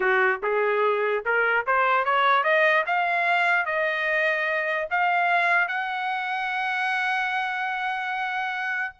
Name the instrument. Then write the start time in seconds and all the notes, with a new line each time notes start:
trumpet
0.00 F#4
0.42 G#4
1.25 A#4
1.66 C5
2.04 C#5
2.43 D#5
2.86 F5
3.65 D#5
4.90 F5
5.67 F#5